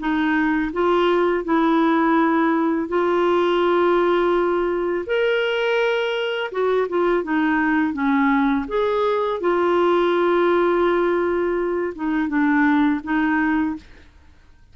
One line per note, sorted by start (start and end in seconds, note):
0.00 0.72 D#4
0.73 1.45 F4
1.45 2.89 E4
2.89 5.06 F4
5.07 6.51 A#4
6.52 6.88 F#4
6.89 7.24 F4
7.24 7.94 D#4
7.94 8.66 C#4
8.68 9.41 G#4
9.41 11.94 F4
11.96 12.29 D#4
12.29 13.01 D4
13.04 13.76 D#4